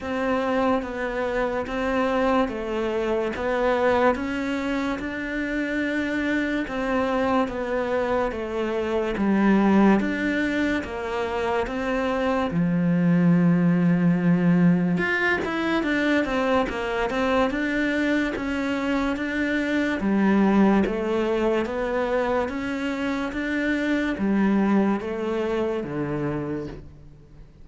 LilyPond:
\new Staff \with { instrumentName = "cello" } { \time 4/4 \tempo 4 = 72 c'4 b4 c'4 a4 | b4 cis'4 d'2 | c'4 b4 a4 g4 | d'4 ais4 c'4 f4~ |
f2 f'8 e'8 d'8 c'8 | ais8 c'8 d'4 cis'4 d'4 | g4 a4 b4 cis'4 | d'4 g4 a4 d4 | }